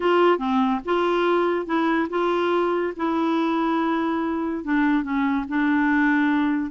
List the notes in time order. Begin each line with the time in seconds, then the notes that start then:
0.00 F4
0.38 C4
0.85 F4
1.66 E4
2.09 F4
2.96 E4
4.64 D4
5.03 C#4
5.48 D4